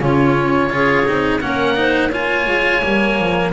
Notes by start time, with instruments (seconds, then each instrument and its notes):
0.00 double bass C#3, cello C#4, clarinet F4, oboe C#5
0.70 double bass C#4, cello F4, clarinet G#4
1.06 double bass C4, cello D#4
1.41 double bass A#3, cello C#4, clarinet A#4, oboe F#5
1.76 cello D#4, clarinet C5
2.11 cello F4, clarinet C#5, oboe G#5
2.47 double bass G#3
2.83 double bass G3, cello A#3
3.19 double bass F3